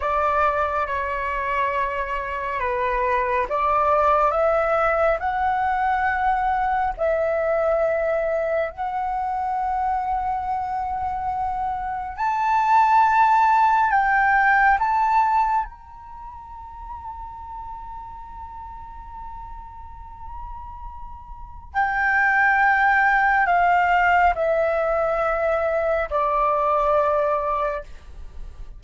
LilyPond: \new Staff \with { instrumentName = "flute" } { \time 4/4 \tempo 4 = 69 d''4 cis''2 b'4 | d''4 e''4 fis''2 | e''2 fis''2~ | fis''2 a''2 |
g''4 a''4 ais''2~ | ais''1~ | ais''4 g''2 f''4 | e''2 d''2 | }